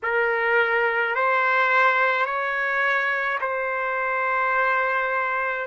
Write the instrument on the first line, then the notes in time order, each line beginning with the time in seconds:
trumpet
0.03 A#4
1.15 C5
2.25 C#5
3.40 C5